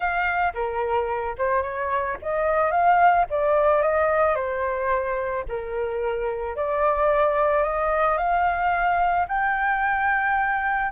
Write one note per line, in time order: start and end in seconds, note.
0.00 0.53 F5
0.53 1.35 A#4
1.38 1.62 C5
1.62 2.17 C#5
2.21 2.71 D#5
2.71 3.25 F5
3.30 3.82 D5
3.82 4.35 D#5
4.35 5.44 C5
5.48 6.56 A#4
6.56 7.63 D5
7.63 8.17 D#5
8.17 9.26 F5
9.28 10.91 G5